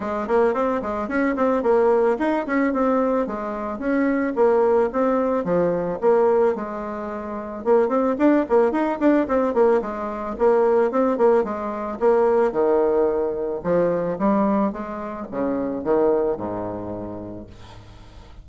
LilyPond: \new Staff \with { instrumentName = "bassoon" } { \time 4/4 \tempo 4 = 110 gis8 ais8 c'8 gis8 cis'8 c'8 ais4 | dis'8 cis'8 c'4 gis4 cis'4 | ais4 c'4 f4 ais4 | gis2 ais8 c'8 d'8 ais8 |
dis'8 d'8 c'8 ais8 gis4 ais4 | c'8 ais8 gis4 ais4 dis4~ | dis4 f4 g4 gis4 | cis4 dis4 gis,2 | }